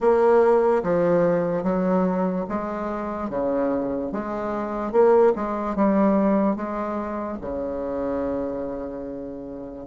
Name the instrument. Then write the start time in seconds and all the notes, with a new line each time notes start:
bassoon
0.00 A#3
0.83 F3
1.63 F#3
2.48 G#3
3.29 C#3
4.12 G#3
4.91 A#3
5.35 G#3
5.75 G3
6.55 G#3
7.41 C#3